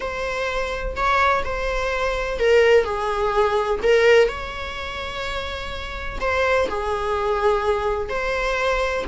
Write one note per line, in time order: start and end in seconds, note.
0.00 0.95 C5
0.96 1.43 C#5
1.44 2.39 C5
2.39 2.84 A#4
2.84 3.79 G#4
3.82 4.28 A#4
4.28 6.19 C#5
6.20 6.68 C5
6.68 8.09 G#4
8.09 9.04 C5